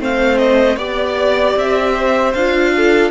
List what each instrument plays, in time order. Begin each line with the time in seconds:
0.00 cello A3, viola C4, violin C5 F5
0.38 violin D#5
0.77 cello B3, viola G4, violin D5
1.56 cello C4, violin E5
1.95 violin C5
2.33 cello D4, viola F4, violin F5
2.77 violin A4